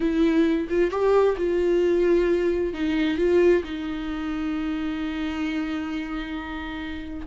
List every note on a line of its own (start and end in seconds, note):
0.00 0.67 E4
0.69 0.90 F4
0.90 1.36 G4
1.37 2.73 F4
2.73 3.17 D#4
3.17 3.63 F4
3.64 7.27 D#4